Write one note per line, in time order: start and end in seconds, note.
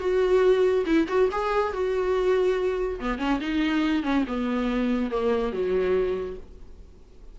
0.00 0.85 F#4
0.86 1.08 E4
1.09 1.30 F#4
1.32 1.73 G#4
1.73 3.00 F#4
3.00 3.19 B3
3.19 3.40 C#4
3.41 4.04 D#4
4.04 4.25 C#4
4.28 5.11 B3
5.11 5.53 A#3
5.53 6.37 F#3